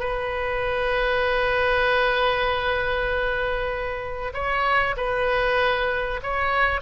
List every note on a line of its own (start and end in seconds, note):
0.00 4.33 B4
4.34 4.96 C#5
4.97 6.21 B4
6.23 6.82 C#5